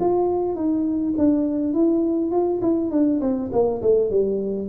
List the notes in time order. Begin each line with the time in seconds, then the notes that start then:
0.00 F4
0.55 D#4
1.17 D4
1.74 E4
2.31 F4
2.61 E4
2.91 D4
3.21 C4
3.52 A#3
3.82 A3
4.10 G3